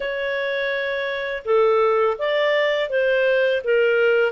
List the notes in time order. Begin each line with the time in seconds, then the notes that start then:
0.00 C#5
1.45 A4
2.18 D5
2.89 C5
3.64 A#4